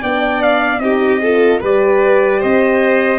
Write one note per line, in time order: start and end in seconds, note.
0.00 0.79 B3
0.00 0.80 D4
0.00 0.80 D5
0.00 0.42 G5
0.42 0.79 F5
0.79 1.59 C4
0.79 1.20 D#4
0.79 1.22 G4
0.79 1.59 D#5
1.22 1.61 F4
1.22 1.60 A4
1.60 2.42 G3
1.60 3.19 G4
1.60 2.40 B4
1.60 2.42 D5
2.40 3.19 C4
2.40 3.19 C5
2.40 3.19 D#5